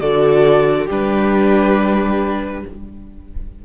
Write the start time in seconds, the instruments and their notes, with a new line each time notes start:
0.00 cello D3, viola F#4, violin A4 D5
0.86 cello G3, viola D4, violin G4 B4